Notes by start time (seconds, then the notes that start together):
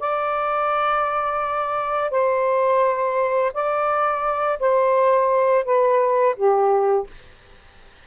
0.00 D5
2.11 C5
3.54 D5
4.60 C5
5.65 B4
6.37 G4